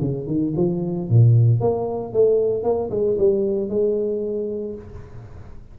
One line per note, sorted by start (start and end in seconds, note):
0.00 0.27 C#3
0.27 0.53 D#3
0.56 1.09 F3
1.09 1.60 A#2
1.60 2.13 A#3
2.13 2.63 A3
2.63 2.90 A#3
2.90 3.17 G#3
3.18 3.69 G3
3.69 4.75 G#3